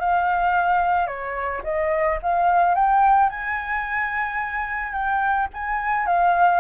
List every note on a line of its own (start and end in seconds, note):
0.00 1.07 F5
1.07 1.62 C#5
1.64 2.19 D#5
2.23 2.75 F5
2.75 3.30 G5
3.30 4.93 G#5
4.93 5.48 G5
5.54 6.07 G#5
6.07 6.60 F5